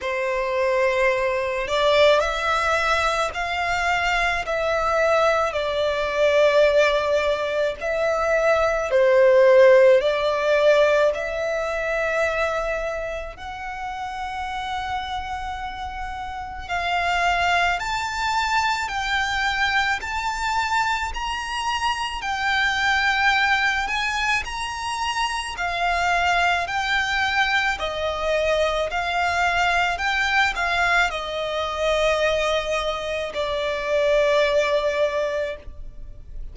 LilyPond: \new Staff \with { instrumentName = "violin" } { \time 4/4 \tempo 4 = 54 c''4. d''8 e''4 f''4 | e''4 d''2 e''4 | c''4 d''4 e''2 | fis''2. f''4 |
a''4 g''4 a''4 ais''4 | g''4. gis''8 ais''4 f''4 | g''4 dis''4 f''4 g''8 f''8 | dis''2 d''2 | }